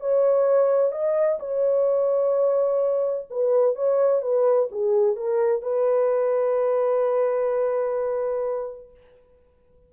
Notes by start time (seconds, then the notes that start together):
0.00 C#5
0.91 D#5
1.39 C#5
3.30 B4
3.75 C#5
4.22 B4
4.71 G#4
5.16 A#4
5.62 B4